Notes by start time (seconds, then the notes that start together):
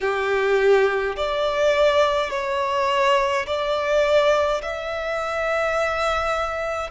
0.00 G4
1.16 D5
2.30 C#5
3.46 D5
4.62 E5